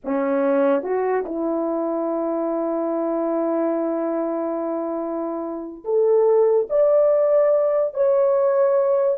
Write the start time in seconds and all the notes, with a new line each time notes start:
0.04 C#4
0.82 F#4
1.25 E4
5.84 A4
6.69 D5
7.94 C#5